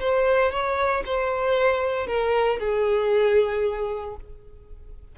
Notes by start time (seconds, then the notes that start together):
0.00 C5
0.51 C#5
1.06 C5
2.07 A#4
2.59 G#4